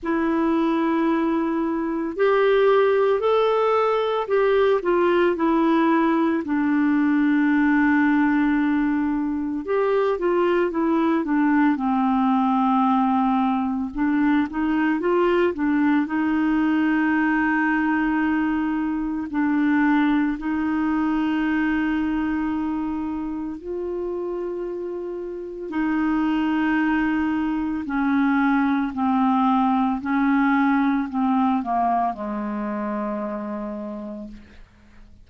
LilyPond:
\new Staff \with { instrumentName = "clarinet" } { \time 4/4 \tempo 4 = 56 e'2 g'4 a'4 | g'8 f'8 e'4 d'2~ | d'4 g'8 f'8 e'8 d'8 c'4~ | c'4 d'8 dis'8 f'8 d'8 dis'4~ |
dis'2 d'4 dis'4~ | dis'2 f'2 | dis'2 cis'4 c'4 | cis'4 c'8 ais8 gis2 | }